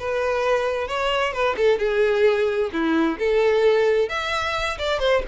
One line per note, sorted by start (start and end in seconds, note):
0.00 0.88 B4
0.88 1.34 C#5
1.34 1.57 B4
1.57 1.79 A4
1.79 2.70 G#4
2.73 3.19 E4
3.19 4.10 A4
4.10 4.78 E5
4.79 5.00 D5
5.00 5.23 C5